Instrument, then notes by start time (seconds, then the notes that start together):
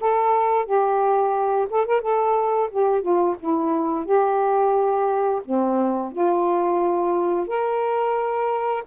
saxophone
0.00 A4
0.65 G4
1.70 A4
1.86 A#4
2.01 A4
2.71 G4
3.02 F4
3.40 E4
4.05 G4
5.45 C4
6.12 F4
7.47 A#4